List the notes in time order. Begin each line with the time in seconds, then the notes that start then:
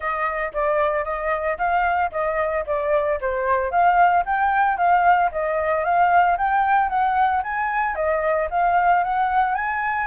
0.00 D#5
0.53 D5
1.04 D#5
1.58 F5
2.11 D#5
2.66 D5
3.21 C5
3.71 F5
4.25 G5
4.77 F5
5.31 D#5
5.84 F5
6.37 G5
6.89 F#5
7.43 G#5
7.95 D#5
8.50 F5
9.03 F#5
9.55 G#5